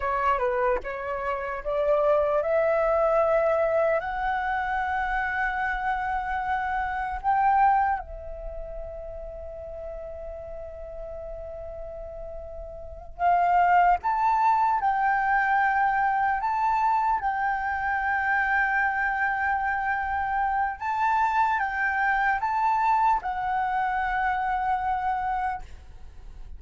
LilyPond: \new Staff \with { instrumentName = "flute" } { \time 4/4 \tempo 4 = 75 cis''8 b'8 cis''4 d''4 e''4~ | e''4 fis''2.~ | fis''4 g''4 e''2~ | e''1~ |
e''8 f''4 a''4 g''4.~ | g''8 a''4 g''2~ g''8~ | g''2 a''4 g''4 | a''4 fis''2. | }